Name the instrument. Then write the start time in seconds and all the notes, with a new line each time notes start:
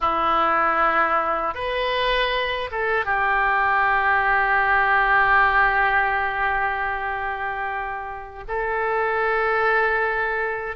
oboe
0.00 E4
1.54 B4
2.71 A4
3.05 G4
8.48 A4